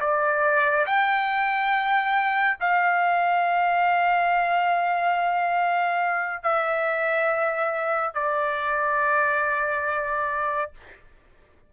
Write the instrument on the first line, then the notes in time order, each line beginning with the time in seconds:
trumpet
0.00 D5
0.86 G5
2.60 F5
6.43 E5
8.14 D5